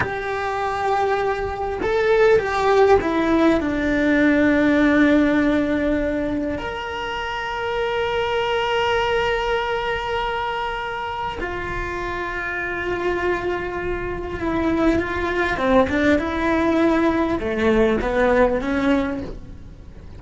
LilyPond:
\new Staff \with { instrumentName = "cello" } { \time 4/4 \tempo 4 = 100 g'2. a'4 | g'4 e'4 d'2~ | d'2. ais'4~ | ais'1~ |
ais'2. f'4~ | f'1 | e'4 f'4 c'8 d'8 e'4~ | e'4 a4 b4 cis'4 | }